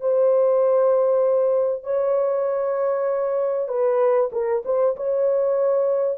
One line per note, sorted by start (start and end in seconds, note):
0.00 1.83 C5
1.83 3.68 C#5
3.68 4.30 B4
4.32 4.63 A#4
4.65 4.96 C5
4.96 6.18 C#5